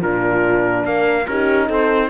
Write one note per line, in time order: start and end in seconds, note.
0.00 0.84 A#2
0.00 1.28 D4
0.00 0.84 F4
0.00 0.86 A#4
0.84 1.26 A#3
0.84 1.27 A#4
0.84 1.27 F5
1.27 1.69 C#4
1.27 2.10 D#4
1.27 1.67 G4
1.27 1.69 A#4
1.67 2.10 C4
1.67 2.09 A4
1.67 2.10 C5